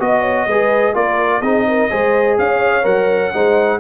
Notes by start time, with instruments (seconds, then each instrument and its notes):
0.00 tuba B3, trombone F#4, trumpet D#5, horn D#5
0.21 horn C#5
0.47 tuba G#3, trombone G#4, horn B4
0.94 tuba A#3, trombone F4, horn A#4, trumpet D5
1.41 tuba C4, trombone D#4, horn G#4, trumpet D#5
1.68 horn A#4
1.90 tuba G#3, trombone G#4, horn C5
2.38 tuba C#4, horn C#5, trumpet F5
2.83 tuba F#3, trombone A#4, trumpet F#5
3.34 tuba G#3, trombone D#4, horn C5